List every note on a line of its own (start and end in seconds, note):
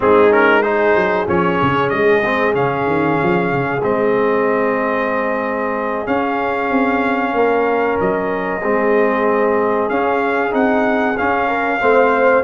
0.00 0.95 G#3
0.00 0.30 C4
0.00 0.66 D#4
0.00 0.32 G#4
0.30 0.62 C#4
0.30 0.62 A#4
0.62 1.26 D#4
0.62 7.34 G#4
0.62 1.26 C5
0.95 1.27 F#3
1.26 1.59 F3
1.26 2.22 C#4
1.26 1.89 C#5
1.62 1.91 C#3
1.89 2.54 G#3
1.89 2.53 D#5
2.24 2.53 C4
2.53 2.86 C#3
2.53 3.81 C#4
2.53 3.82 F5
2.86 3.18 D#3
3.22 3.51 F3
3.51 3.83 C#3
3.83 6.06 G#3
3.83 6.06 C4
3.83 6.07 D#5
6.06 8.61 C#4
6.06 6.69 C#4
6.06 7.98 F5
6.69 7.33 C4
7.33 7.97 A#3
7.33 8.62 A#4
8.00 8.63 F#3
8.00 9.89 D#5
8.62 9.90 G#3
8.62 9.90 C4
8.62 11.47 G#4
9.89 10.53 C#4
9.89 10.51 C#4
9.89 10.53 F5
10.51 11.17 C4
10.51 11.14 D#4
10.51 11.17 F#5
11.17 11.80 C#4
11.17 11.81 C#4
11.17 12.43 F5
11.47 11.79 A#4
11.80 12.43 A3
11.80 12.43 C4
11.80 12.43 C5